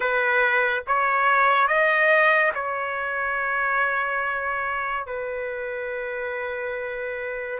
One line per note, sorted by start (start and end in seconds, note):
0.00 0.83 B4
0.87 1.67 C#5
1.67 2.52 D#5
2.54 5.06 C#5
5.06 7.59 B4